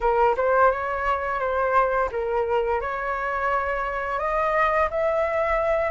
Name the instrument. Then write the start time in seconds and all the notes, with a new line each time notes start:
flute
0.00 A#4
0.36 C5
0.71 C#5
1.39 C5
2.11 A#4
2.81 C#5
4.19 D#5
4.90 E5